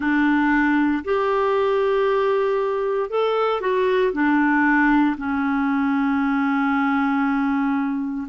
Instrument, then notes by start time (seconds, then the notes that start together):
clarinet
0.00 D4
1.04 G4
3.09 A4
3.60 F#4
4.12 D4
5.17 C#4